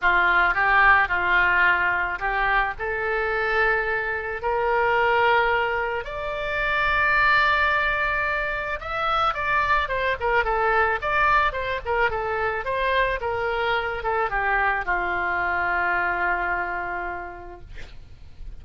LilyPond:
\new Staff \with { instrumentName = "oboe" } { \time 4/4 \tempo 4 = 109 f'4 g'4 f'2 | g'4 a'2. | ais'2. d''4~ | d''1 |
e''4 d''4 c''8 ais'8 a'4 | d''4 c''8 ais'8 a'4 c''4 | ais'4. a'8 g'4 f'4~ | f'1 | }